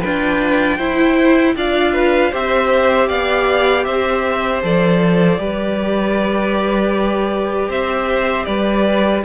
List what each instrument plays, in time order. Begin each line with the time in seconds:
0.00 viola D4, cello F4, violin B4 G5
0.77 cello E4, viola E4, violin C5
1.55 cello D4, viola F4, violin D5 F5
1.93 violin B4
2.31 cello C4, viola G4, violin C5 E5
3.08 cello B3, violin D5 F5
3.84 cello C4, violin C5 E5
4.63 cello F3, viola A4, violin D5
5.38 cello G3, viola G4, violin B4
7.69 cello C4, violin C5 E5
8.45 cello G3, violin B4 D5